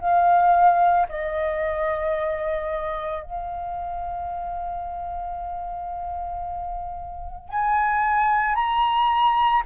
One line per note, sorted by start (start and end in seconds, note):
0.00 1.07 F5
1.09 3.23 D#5
3.23 7.49 F5
7.49 8.55 G#5
8.55 9.62 A#5